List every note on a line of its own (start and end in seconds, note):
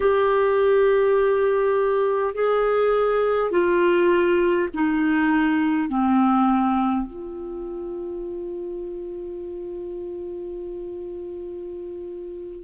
0.00 2.34 G4
2.34 3.51 G#4
3.51 4.68 F4
4.74 5.88 D#4
5.88 7.06 C4
7.06 12.63 F4